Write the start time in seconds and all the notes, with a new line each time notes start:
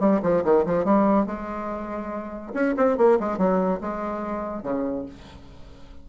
0.00 G3
0.23 F3
0.45 D#3
0.66 F3
0.85 G3
1.26 G#3
2.54 C#4
2.77 C4
2.98 A#3
3.20 G#3
3.38 F#3
3.81 G#3
4.63 C#3